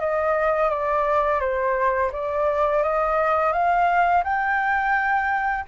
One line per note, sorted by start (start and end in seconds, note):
0.00 0.70 D#5
0.70 1.41 D5
1.41 2.11 C5
2.13 2.83 D5
2.83 3.53 D#5
3.53 4.24 F5
4.24 5.65 G5